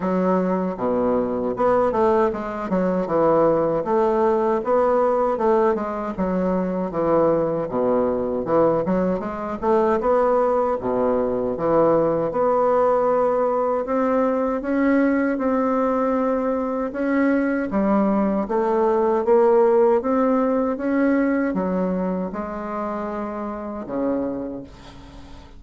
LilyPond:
\new Staff \with { instrumentName = "bassoon" } { \time 4/4 \tempo 4 = 78 fis4 b,4 b8 a8 gis8 fis8 | e4 a4 b4 a8 gis8 | fis4 e4 b,4 e8 fis8 | gis8 a8 b4 b,4 e4 |
b2 c'4 cis'4 | c'2 cis'4 g4 | a4 ais4 c'4 cis'4 | fis4 gis2 cis4 | }